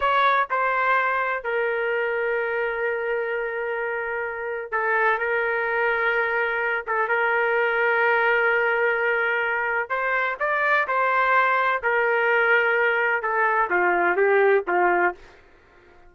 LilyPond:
\new Staff \with { instrumentName = "trumpet" } { \time 4/4 \tempo 4 = 127 cis''4 c''2 ais'4~ | ais'1~ | ais'2 a'4 ais'4~ | ais'2~ ais'8 a'8 ais'4~ |
ais'1~ | ais'4 c''4 d''4 c''4~ | c''4 ais'2. | a'4 f'4 g'4 f'4 | }